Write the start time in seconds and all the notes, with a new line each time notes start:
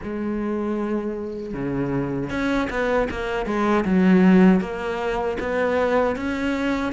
0.03 G#3
1.53 C#3
2.29 C#4
2.70 B3
3.10 A#3
3.45 G#3
3.85 F#3
4.60 A#3
5.39 B3
6.15 C#4